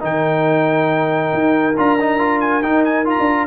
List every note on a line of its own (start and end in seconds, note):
0.00 1.33 D#3
0.00 1.74 D#4
0.00 3.47 A#4
0.00 1.78 G5
1.33 1.77 D#4
1.77 2.63 D4
1.77 1.99 F4
1.77 2.41 A#5
2.01 2.19 D#4
2.19 2.62 F4
2.41 2.63 G#5
2.63 3.17 D#4
2.63 3.05 D#4
2.63 2.84 G5
2.85 3.06 G#5
3.05 3.47 F4
3.05 3.47 A#5
3.20 3.47 D4